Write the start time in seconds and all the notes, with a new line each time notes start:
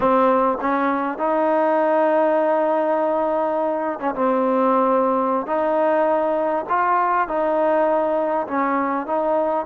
0.00 C4
0.60 C#4
1.17 D#4
3.99 C#4
4.14 C4
5.46 D#4
6.69 F4
7.28 D#4
8.47 C#4
9.06 D#4